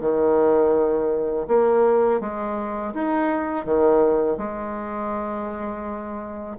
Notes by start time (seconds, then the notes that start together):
0.00 D#3
1.47 A#3
2.20 G#3
2.94 D#4
3.65 D#3
4.37 G#3